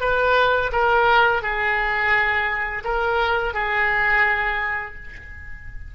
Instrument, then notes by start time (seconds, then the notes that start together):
oboe
0.00 B4
0.72 A#4
1.42 G#4
2.84 A#4
3.54 G#4